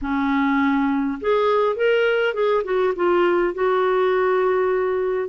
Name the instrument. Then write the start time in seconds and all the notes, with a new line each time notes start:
clarinet
0.01 C#4
1.21 G#4
1.76 A#4
2.34 G#4
2.64 F#4
2.95 F4
3.53 F#4